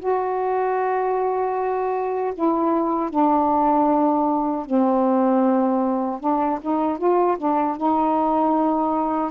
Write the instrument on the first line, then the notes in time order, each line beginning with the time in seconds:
saxophone
0.00 F#4
2.35 E4
3.10 D4
4.66 C4
6.21 D4
6.62 D#4
6.98 F4
7.38 D4
7.77 D#4